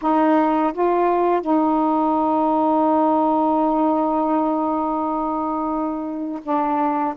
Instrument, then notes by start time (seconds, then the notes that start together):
saxophone
0.01 D#4
0.73 F4
1.41 D#4
6.43 D4